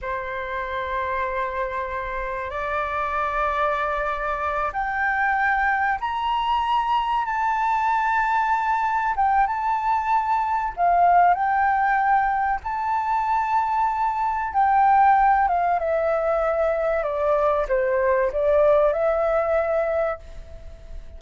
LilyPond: \new Staff \with { instrumentName = "flute" } { \time 4/4 \tempo 4 = 95 c''1 | d''2.~ d''8 g''8~ | g''4. ais''2 a''8~ | a''2~ a''8 g''8 a''4~ |
a''4 f''4 g''2 | a''2. g''4~ | g''8 f''8 e''2 d''4 | c''4 d''4 e''2 | }